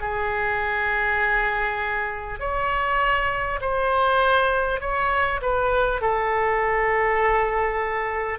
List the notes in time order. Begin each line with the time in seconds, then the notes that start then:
0.00 G#4
2.39 C#5
3.61 C5
4.80 C#5
5.41 B4
6.01 A4